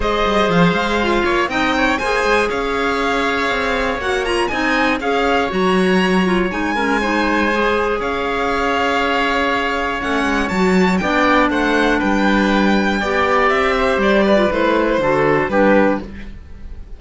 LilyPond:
<<
  \new Staff \with { instrumentName = "violin" } { \time 4/4 \tempo 4 = 120 dis''4 f''2 g''4 | gis''4 f''2. | fis''8 ais''8 gis''4 f''4 ais''4~ | ais''4 gis''2. |
f''1 | fis''4 a''4 g''4 fis''4 | g''2. e''4 | d''4 c''2 b'4 | }
  \new Staff \with { instrumentName = "oboe" } { \time 4/4 c''2~ c''8 cis''8 dis''8 cis''8 | c''4 cis''2.~ | cis''4 dis''4 cis''2~ | cis''4. ais'8 c''2 |
cis''1~ | cis''2 d''4 c''4 | b'2 d''4. c''8~ | c''8 b'4. a'4 g'4 | }
  \new Staff \with { instrumentName = "clarinet" } { \time 4/4 gis'2 f'4 dis'4 | gis'1 | fis'8 f'8 dis'4 gis'4 fis'4~ | fis'8 f'8 dis'8 cis'8 dis'4 gis'4~ |
gis'1 | cis'4 fis'4 d'2~ | d'2 g'2~ | g'8. f'16 e'4 fis'4 d'4 | }
  \new Staff \with { instrumentName = "cello" } { \time 4/4 gis8 g8 f8 gis4 ais8 c'4 | ais8 gis8 cis'2 c'4 | ais4 c'4 cis'4 fis4~ | fis4 gis2. |
cis'1 | a8 gis8 fis4 b4 a4 | g2 b4 c'4 | g4 a4 d4 g4 | }
>>